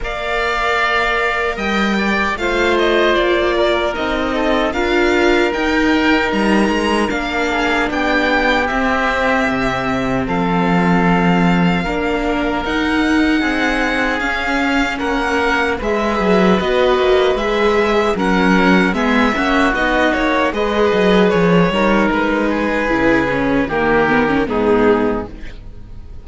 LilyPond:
<<
  \new Staff \with { instrumentName = "violin" } { \time 4/4 \tempo 4 = 76 f''2 g''4 f''8 dis''8 | d''4 dis''4 f''4 g''4 | ais''4 f''4 g''4 e''4~ | e''4 f''2. |
fis''2 f''4 fis''4 | e''4 dis''4 e''4 fis''4 | e''4 dis''8 cis''8 dis''4 cis''4 | b'2 ais'4 gis'4 | }
  \new Staff \with { instrumentName = "oboe" } { \time 4/4 d''2 dis''8 d''8 c''4~ | c''8 ais'4 a'8 ais'2~ | ais'4. gis'8 g'2~ | g'4 a'2 ais'4~ |
ais'4 gis'2 ais'4 | b'2. ais'4 | gis'8 fis'4. b'4. ais'8~ | ais'8 gis'4. g'4 dis'4 | }
  \new Staff \with { instrumentName = "viola" } { \time 4/4 ais'2. f'4~ | f'4 dis'4 f'4 dis'4~ | dis'4 d'2 c'4~ | c'2. d'4 |
dis'2 cis'2 | gis'4 fis'4 gis'4 cis'4 | b8 cis'8 dis'4 gis'4. dis'8~ | dis'4 e'8 cis'8 ais8 b16 cis'16 b4 | }
  \new Staff \with { instrumentName = "cello" } { \time 4/4 ais2 g4 a4 | ais4 c'4 d'4 dis'4 | g8 gis8 ais4 b4 c'4 | c4 f2 ais4 |
dis'4 c'4 cis'4 ais4 | gis8 fis8 b8 ais8 gis4 fis4 | gis8 ais8 b8 ais8 gis8 fis8 f8 g8 | gis4 cis4 dis4 gis,4 | }
>>